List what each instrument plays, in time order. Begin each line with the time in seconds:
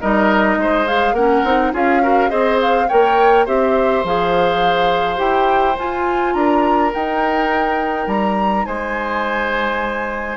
0.00 bassoon G3, clarinet D#4, oboe A#4, flute D#5
0.56 bassoon G#3, oboe C5
0.85 clarinet G#4, flute F5
1.12 bassoon A#3, clarinet C#4, oboe A#4, flute F#5
1.43 bassoon C4, clarinet D#4
1.72 bassoon C#4, clarinet F4, oboe G#4, flute F5
2.02 clarinet F#4, oboe A#4
2.28 bassoon C4, clarinet G#4, oboe C5, flute D#5
2.61 flute F5
2.88 bassoon A#3, clarinet A#4, oboe C#5, flute G5
3.45 bassoon C4, clarinet G4, oboe C5, flute E5
4.03 bassoon F3, clarinet G#4, flute F5
5.16 bassoon E4, clarinet G4, flute G5
5.78 clarinet F4, bassoon F4, flute G#5
6.33 bassoon D4, oboe A#4, flute A#5
6.91 clarinet D#4, bassoon D#4, flute G5
8.07 bassoon G3, flute A#5
8.65 bassoon G#3, oboe C5, flute G#5